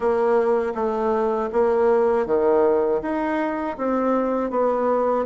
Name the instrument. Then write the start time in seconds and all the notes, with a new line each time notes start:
bassoon
0.00 A#3
0.74 A3
1.52 A#3
2.26 D#3
3.02 D#4
3.77 C4
4.50 B3